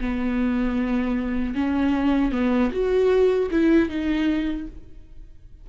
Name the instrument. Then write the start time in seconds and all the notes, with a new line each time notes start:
viola
0.00 B3
1.55 C#4
2.32 B3
2.72 F#4
3.51 E4
3.89 D#4